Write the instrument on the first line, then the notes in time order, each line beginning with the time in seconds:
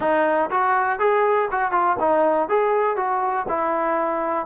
trombone
0.00 D#4
0.50 F#4
0.99 G#4
1.51 F#4
1.71 F4
1.99 D#4
2.48 G#4
2.96 F#4
3.48 E4